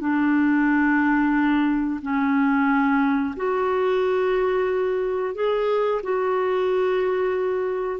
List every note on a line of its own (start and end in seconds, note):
0.00 2.00 D4
2.02 3.35 C#4
3.36 5.35 F#4
5.35 6.01 G#4
6.03 8.00 F#4